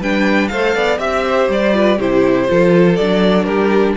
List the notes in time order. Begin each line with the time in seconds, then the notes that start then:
0.00 G3 D4 B4 G5
0.48 A3 A4 C5 F5
0.75 B3 D5
0.97 C4 G4 E5
1.27 C5
1.49 G3 D5
1.73 F4 B4
1.98 C3 E4 G4 C5
2.48 F3 F4 A4
2.96 F#3 D4 D5
3.44 G3 G4 A#4